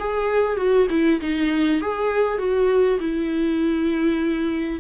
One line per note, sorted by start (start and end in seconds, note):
0.00 0.57 G#4
0.57 0.88 F#4
0.90 1.21 E4
1.21 1.82 D#4
1.82 2.38 G#4
2.38 2.99 F#4
3.00 4.80 E4